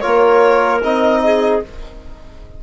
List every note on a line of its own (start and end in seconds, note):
0.00 0.83 A#3
0.00 0.81 F4
0.00 1.20 A#4
0.00 0.79 C#5
0.83 1.62 C4
0.83 1.62 D#4
0.83 1.63 D#5
1.23 1.63 G#4